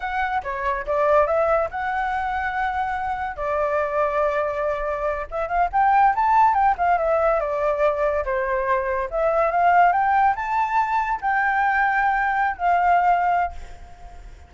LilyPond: \new Staff \with { instrumentName = "flute" } { \time 4/4 \tempo 4 = 142 fis''4 cis''4 d''4 e''4 | fis''1 | d''1~ | d''8 e''8 f''8 g''4 a''4 g''8 |
f''8 e''4 d''2 c''8~ | c''4. e''4 f''4 g''8~ | g''8 a''2 g''4.~ | g''4.~ g''16 f''2~ f''16 | }